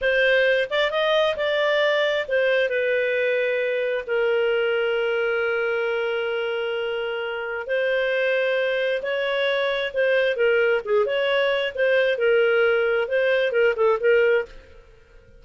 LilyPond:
\new Staff \with { instrumentName = "clarinet" } { \time 4/4 \tempo 4 = 133 c''4. d''8 dis''4 d''4~ | d''4 c''4 b'2~ | b'4 ais'2.~ | ais'1~ |
ais'4 c''2. | cis''2 c''4 ais'4 | gis'8 cis''4. c''4 ais'4~ | ais'4 c''4 ais'8 a'8 ais'4 | }